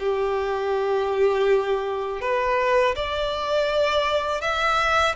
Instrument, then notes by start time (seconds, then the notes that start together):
violin
0.00 G4
2.21 B4
2.96 D5
4.41 E5